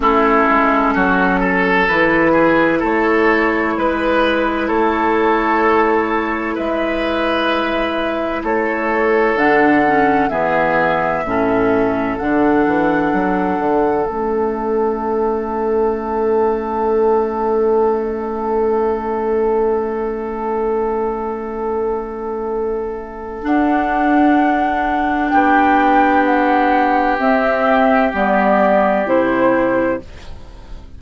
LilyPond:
<<
  \new Staff \with { instrumentName = "flute" } { \time 4/4 \tempo 4 = 64 a'2 b'4 cis''4 | b'4 cis''2 e''4~ | e''4 cis''4 fis''4 e''4~ | e''4 fis''2 e''4~ |
e''1~ | e''1~ | e''4 fis''2 g''4 | fis''4 e''4 d''4 c''4 | }
  \new Staff \with { instrumentName = "oboe" } { \time 4/4 e'4 fis'8 a'4 gis'8 a'4 | b'4 a'2 b'4~ | b'4 a'2 gis'4 | a'1~ |
a'1~ | a'1~ | a'2. g'4~ | g'1 | }
  \new Staff \with { instrumentName = "clarinet" } { \time 4/4 cis'2 e'2~ | e'1~ | e'2 d'8 cis'8 b4 | cis'4 d'2 cis'4~ |
cis'1~ | cis'1~ | cis'4 d'2.~ | d'4 c'4 b4 e'4 | }
  \new Staff \with { instrumentName = "bassoon" } { \time 4/4 a8 gis8 fis4 e4 a4 | gis4 a2 gis4~ | gis4 a4 d4 e4 | a,4 d8 e8 fis8 d8 a4~ |
a1~ | a1~ | a4 d'2 b4~ | b4 c'4 g4 c4 | }
>>